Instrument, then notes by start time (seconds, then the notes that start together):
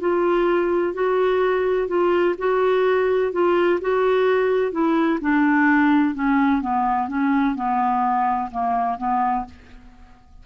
clarinet
0.00 F4
0.93 F#4
1.87 F4
2.38 F#4
3.32 F4
3.81 F#4
4.71 E4
5.21 D4
6.14 C#4
6.61 B3
7.08 C#4
7.55 B3
8.51 A#3
8.98 B3